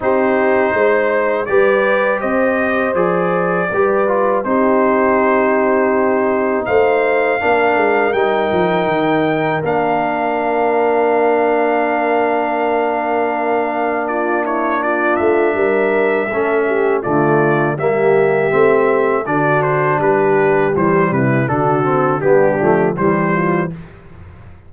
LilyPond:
<<
  \new Staff \with { instrumentName = "trumpet" } { \time 4/4 \tempo 4 = 81 c''2 d''4 dis''4 | d''2 c''2~ | c''4 f''2 g''4~ | g''4 f''2.~ |
f''2. d''8 cis''8 | d''8 e''2~ e''8 d''4 | e''2 d''8 c''8 b'4 | c''8 b'8 a'4 g'4 c''4 | }
  \new Staff \with { instrumentName = "horn" } { \time 4/4 g'4 c''4 b'4 c''4~ | c''4 b'4 g'2~ | g'4 c''4 ais'2~ | ais'1~ |
ais'2. f'8 e'8 | f'4 ais'4 a'8 g'8 f'4 | g'2 fis'4 g'4~ | g'8 e'8 fis'4 d'4 g'8 f'8 | }
  \new Staff \with { instrumentName = "trombone" } { \time 4/4 dis'2 g'2 | gis'4 g'8 f'8 dis'2~ | dis'2 d'4 dis'4~ | dis'4 d'2.~ |
d'1~ | d'2 cis'4 a4 | ais4 c'4 d'2 | g4 d'8 c'8 b8 a8 g4 | }
  \new Staff \with { instrumentName = "tuba" } { \time 4/4 c'4 gis4 g4 c'4 | f4 g4 c'2~ | c'4 a4 ais8 gis8 g8 f8 | dis4 ais2.~ |
ais1~ | ais8 a8 g4 a4 d4 | g4 a4 d4 g4 | e8 c8 d4 g8 f8 e4 | }
>>